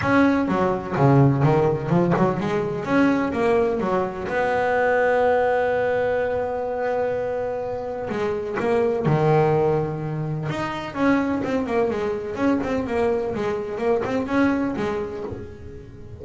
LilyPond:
\new Staff \with { instrumentName = "double bass" } { \time 4/4 \tempo 4 = 126 cis'4 fis4 cis4 dis4 | f8 fis8 gis4 cis'4 ais4 | fis4 b2.~ | b1~ |
b4 gis4 ais4 dis4~ | dis2 dis'4 cis'4 | c'8 ais8 gis4 cis'8 c'8 ais4 | gis4 ais8 c'8 cis'4 gis4 | }